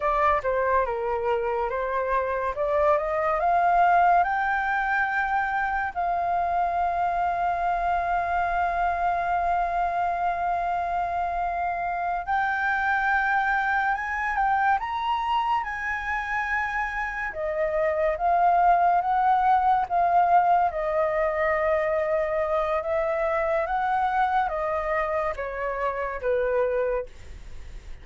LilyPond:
\new Staff \with { instrumentName = "flute" } { \time 4/4 \tempo 4 = 71 d''8 c''8 ais'4 c''4 d''8 dis''8 | f''4 g''2 f''4~ | f''1~ | f''2~ f''8 g''4.~ |
g''8 gis''8 g''8 ais''4 gis''4.~ | gis''8 dis''4 f''4 fis''4 f''8~ | f''8 dis''2~ dis''8 e''4 | fis''4 dis''4 cis''4 b'4 | }